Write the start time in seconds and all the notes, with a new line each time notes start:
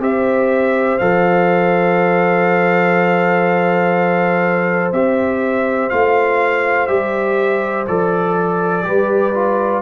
0.00 C4 G4 C5 E5
0.99 F3 A4 F5
4.93 C4 G4 E5
5.90 A3 F4 F5
6.87 G3 G4 E5
7.87 F3 A4 D5
8.84 G3 G4 B4
9.35 F4